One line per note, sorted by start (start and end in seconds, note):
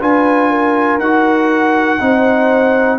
0.00 0.99 D4
0.00 1.00 F4
0.00 0.50 B4
0.00 0.99 G#5
0.50 2.00 A#4
0.99 1.99 D#4
0.99 1.99 F#4
0.99 2.98 F#5
1.99 2.98 C4
1.99 2.98 D#4
1.99 2.98 C5